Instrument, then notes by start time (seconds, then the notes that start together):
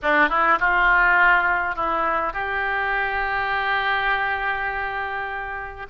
oboe
0.02 D4
0.29 E4
0.59 F4
1.75 E4
2.33 G4